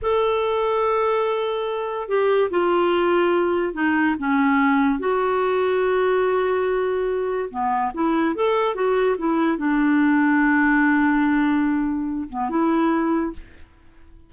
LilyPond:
\new Staff \with { instrumentName = "clarinet" } { \time 4/4 \tempo 4 = 144 a'1~ | a'4 g'4 f'2~ | f'4 dis'4 cis'2 | fis'1~ |
fis'2 b4 e'4 | a'4 fis'4 e'4 d'4~ | d'1~ | d'4. b8 e'2 | }